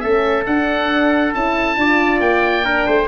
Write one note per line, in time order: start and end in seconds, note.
0.00 0.47 A3
0.00 0.46 C#4
0.00 1.78 A4
0.00 0.44 E5
0.46 1.35 D4
0.46 1.34 D4
0.46 1.34 F#5
1.34 1.77 C#4
1.34 1.77 E4
1.34 2.20 A5
1.77 2.20 D4
1.77 2.64 F4
1.77 2.65 D5
2.20 2.86 A#3
2.20 3.08 G5
2.64 3.07 D4
2.64 2.87 A#4
2.87 3.08 A3
2.87 3.08 C5